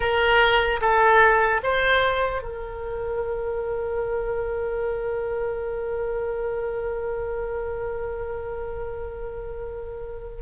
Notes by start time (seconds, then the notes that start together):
0.00 A#4
0.81 A4
1.63 C5
2.42 A#4